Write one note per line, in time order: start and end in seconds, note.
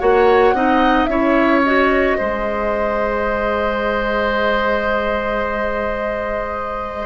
0.00 0.53 A#3
0.00 0.55 F#4
0.00 0.55 C#5
0.00 1.05 F#5
0.53 1.07 C4
0.53 1.09 D#4
0.53 1.10 D#5
1.05 2.16 C#4
1.05 1.64 E4
1.05 2.18 C#5
1.05 1.60 E5
1.64 2.20 F#4
1.64 7.06 D#5
2.18 7.06 G#3
2.18 7.06 G#4
2.18 7.06 C5